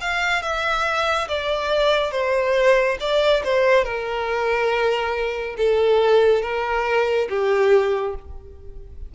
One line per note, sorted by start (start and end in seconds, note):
0.00 0.42 F5
0.42 1.27 E5
1.28 2.11 D5
2.11 2.97 C5
3.00 3.42 D5
3.44 3.84 C5
3.84 5.55 A#4
5.57 6.42 A4
6.42 7.28 A#4
7.29 8.15 G4